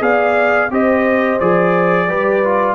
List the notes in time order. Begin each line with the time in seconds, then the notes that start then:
0.00 B3 G#4 D5 F5
0.70 C4 G4 C5 D#5
1.40 F3 G#4 D5
2.08 G3 G4 B4
2.44 F4